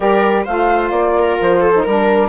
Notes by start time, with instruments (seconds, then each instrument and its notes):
0.00 bassoon G3, saxophone G4, viola A#4, flute D5
0.44 bassoon A3, saxophone F4, viola C5, flute F5
0.90 bassoon A#3, flute D5
1.18 viola A#4
1.40 bassoon F3, flute C5
1.60 viola A4
1.74 saxophone D#4
1.82 bassoon G3, saxophone D4, viola A#4, flute A#4